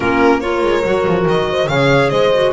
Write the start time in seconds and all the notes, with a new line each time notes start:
0.00 A#3 C#4 F4 A#4
0.40 F4 A#4 C#5
0.62 G#3
0.84 F#3 F#4
1.07 F3
1.25 D#3 D#5
1.50 C5
1.68 C#3 G#4 C#5 F5
2.09 G#3 C5 D#5
2.33 F#4